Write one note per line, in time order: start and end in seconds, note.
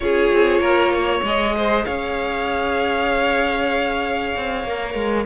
0.00 0.32 C#4
0.00 1.24 F4
0.00 0.61 G#4
0.00 1.22 C#5
0.32 0.59 C4
0.59 1.21 A#3
0.59 0.91 A#4
0.93 1.55 C#5
1.22 1.84 G#3
1.22 4.66 G#4
1.22 1.85 D#5
1.56 1.85 C5
1.85 4.35 C#4
1.85 5.25 C#5
1.85 5.25 F5
4.36 4.64 C4
4.64 4.94 A#3
4.64 5.26 A#4
4.94 5.25 G#3